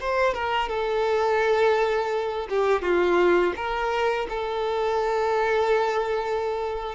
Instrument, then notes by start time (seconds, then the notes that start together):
violin
0.00 C5
0.34 A#4
0.69 A4
2.49 G4
2.82 F4
3.56 A#4
4.29 A4